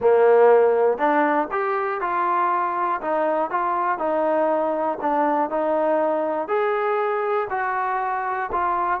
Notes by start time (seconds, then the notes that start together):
0.00 A#3
0.98 D4
1.51 G4
2.00 F4
3.01 D#4
3.50 F4
3.98 D#4
5.01 D4
5.50 D#4
6.48 G#4
7.50 F#4
8.52 F4